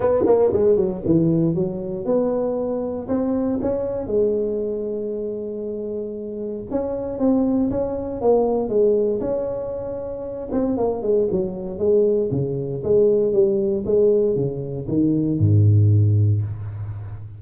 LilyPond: \new Staff \with { instrumentName = "tuba" } { \time 4/4 \tempo 4 = 117 b8 ais8 gis8 fis8 e4 fis4 | b2 c'4 cis'4 | gis1~ | gis4 cis'4 c'4 cis'4 |
ais4 gis4 cis'2~ | cis'8 c'8 ais8 gis8 fis4 gis4 | cis4 gis4 g4 gis4 | cis4 dis4 gis,2 | }